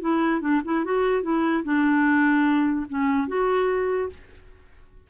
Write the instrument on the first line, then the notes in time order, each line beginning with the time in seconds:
clarinet
0.00 E4
0.41 D4
0.64 E4
0.84 F#4
1.22 E4
1.63 D4
2.88 C#4
3.27 F#4